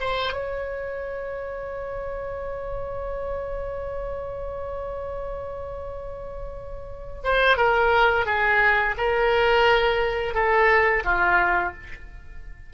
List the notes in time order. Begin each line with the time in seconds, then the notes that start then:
0.00 C5
0.33 C#5
7.24 C5
7.57 A#4
8.26 G#4
8.97 A#4
10.34 A4
11.04 F4